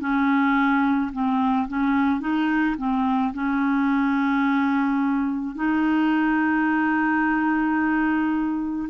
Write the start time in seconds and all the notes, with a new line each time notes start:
0.00 C#4
1.12 C4
1.68 C#4
2.20 D#4
2.77 C4
3.33 C#4
5.55 D#4